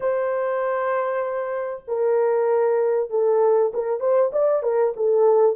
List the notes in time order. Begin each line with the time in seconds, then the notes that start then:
0.00 C5
1.87 A#4
3.10 A4
3.73 A#4
4.00 C5
4.32 D5
4.62 A#4
4.96 A4